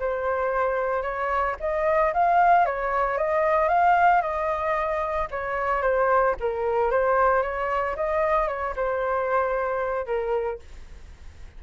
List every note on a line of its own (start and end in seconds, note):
0.00 1.03 C5
1.03 1.56 C#5
1.60 2.13 D#5
2.14 2.66 F5
2.66 3.18 C#5
3.18 3.69 D#5
3.69 4.22 F5
4.22 5.28 D#5
5.31 5.82 C#5
5.82 6.35 C5
6.40 6.91 A#4
6.91 7.43 C5
7.43 7.96 C#5
7.96 8.48 D#5
8.48 8.74 C#5
8.76 10.06 C5
10.06 10.59 A#4